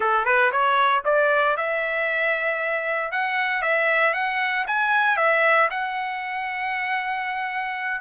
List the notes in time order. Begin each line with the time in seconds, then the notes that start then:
0.00 A4
0.25 B4
0.51 C#5
1.05 D5
1.56 E5
3.11 F#5
3.62 E5
4.13 F#5
4.67 G#5
5.17 E5
5.70 F#5